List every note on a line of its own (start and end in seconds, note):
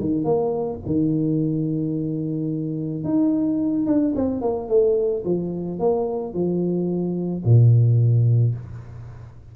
0.00 0.24 D#3
0.24 0.79 A#3
0.86 3.04 D#3
3.04 3.86 D#4
3.86 4.14 D4
4.15 4.41 C4
4.41 4.68 A#3
4.68 5.23 A3
5.25 5.79 F3
5.79 6.33 A#3
6.33 7.43 F3
7.45 8.55 A#2